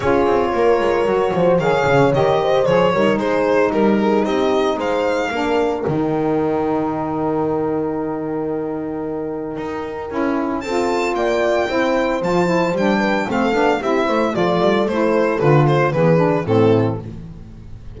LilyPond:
<<
  \new Staff \with { instrumentName = "violin" } { \time 4/4 \tempo 4 = 113 cis''2. f''4 | dis''4 cis''4 c''4 ais'4 | dis''4 f''2 g''4~ | g''1~ |
g''1 | a''4 g''2 a''4 | g''4 f''4 e''4 d''4 | c''4 b'8 c''8 b'4 a'4 | }
  \new Staff \with { instrumentName = "horn" } { \time 4/4 gis'4 ais'4. c''8 cis''4~ | cis''8 c''4 ais'8 gis'4 ais'8 gis'8 | g'4 c''4 ais'2~ | ais'1~ |
ais'1 | a'4 d''4 c''2~ | c''8 b'8 a'4 g'8 c''8 a'4~ | a'2 gis'4 e'4 | }
  \new Staff \with { instrumentName = "saxophone" } { \time 4/4 f'2 fis'4 gis'4 | g'4 gis'8 dis'2~ dis'8~ | dis'2 d'4 dis'4~ | dis'1~ |
dis'2. e'4 | f'2 e'4 f'8 e'8 | d'4 c'8 d'8 e'4 f'4 | e'4 f'4 b8 d'8 c'4 | }
  \new Staff \with { instrumentName = "double bass" } { \time 4/4 cis'8 c'8 ais8 gis8 fis8 f8 dis8 cis8 | dis4 f8 g8 gis4 g4 | c'4 gis4 ais4 dis4~ | dis1~ |
dis2 dis'4 cis'4 | c'4 ais4 c'4 f4 | g4 a8 b8 c'8 a8 f8 g8 | a4 d4 e4 a,4 | }
>>